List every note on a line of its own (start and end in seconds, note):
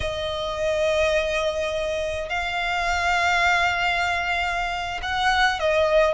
0.00 2.29 D#5
2.29 5.00 F5
5.02 5.59 F#5
5.59 6.14 D#5